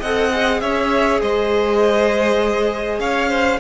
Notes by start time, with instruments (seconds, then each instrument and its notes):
0.00 cello C4, viola A4, violin D#5 F#5
0.32 viola G#4
0.61 cello C#4, violin C#5 E5
1.22 cello G#3, violin C5 D#5
2.99 cello C#4, violin C#5 F5
3.29 violin C5